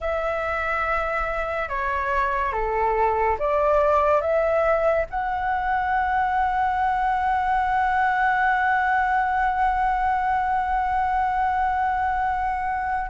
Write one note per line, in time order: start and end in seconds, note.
0.00 1.68 E5
1.68 2.52 C#5
2.52 3.36 A4
3.38 4.21 D5
4.21 5.05 E5
5.10 13.10 F#5